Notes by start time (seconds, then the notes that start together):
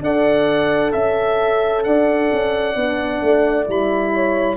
0.00 D4 A4 D5 F#5
0.92 C#4 E5
1.83 D4 D5 F#5
2.32 C#4
2.75 B3 D4
3.22 A3
3.66 G3 E4 B5
4.14 C#5